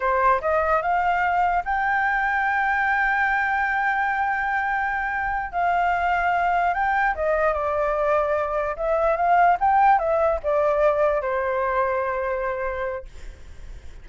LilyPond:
\new Staff \with { instrumentName = "flute" } { \time 4/4 \tempo 4 = 147 c''4 dis''4 f''2 | g''1~ | g''1~ | g''4. f''2~ f''8~ |
f''8 g''4 dis''4 d''4.~ | d''4. e''4 f''4 g''8~ | g''8 e''4 d''2 c''8~ | c''1 | }